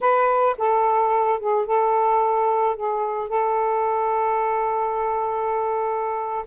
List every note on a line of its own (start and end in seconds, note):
0.01 0.56 B4
0.58 1.39 A4
1.39 1.66 G#4
1.66 2.75 A4
2.75 3.29 G#4
3.29 6.45 A4